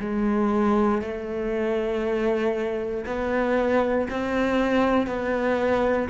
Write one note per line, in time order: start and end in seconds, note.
0.00 1.02 G#3
1.02 3.05 A3
3.06 4.08 B3
4.10 5.07 C4
5.07 6.08 B3